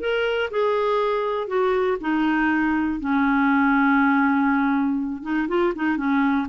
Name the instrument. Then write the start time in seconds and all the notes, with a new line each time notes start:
clarinet
0.00 A#4
0.51 G#4
1.48 F#4
2.01 D#4
3.00 C#4
5.23 D#4
5.49 F4
5.76 D#4
5.97 C#4